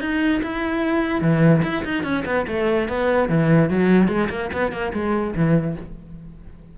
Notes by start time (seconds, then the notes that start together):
0.00 D#4
0.42 E4
1.21 E3
1.63 E4
1.84 D#4
2.03 C#4
2.25 B3
2.47 A3
2.88 B3
3.28 E3
3.69 F#3
4.08 G#3
4.29 A#3
4.52 B3
4.72 A#3
4.93 G#3
5.35 E3